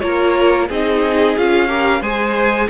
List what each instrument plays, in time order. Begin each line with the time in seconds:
0.00 cello A#3, viola F4, violin A#4 C#5
0.68 cello C4, viola D#4, violin G#4 D#5
1.37 cello C#4, viola F4, violin F5
1.67 viola G4, violin A#4
2.01 cello G#3, viola G#4, violin C5 G#5